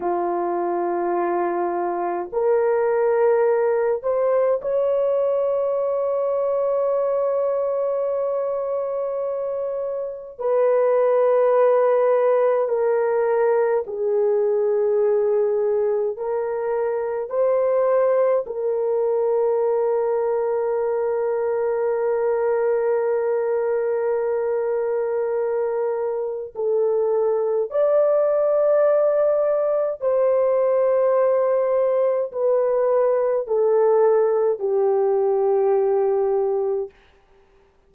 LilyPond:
\new Staff \with { instrumentName = "horn" } { \time 4/4 \tempo 4 = 52 f'2 ais'4. c''8 | cis''1~ | cis''4 b'2 ais'4 | gis'2 ais'4 c''4 |
ais'1~ | ais'2. a'4 | d''2 c''2 | b'4 a'4 g'2 | }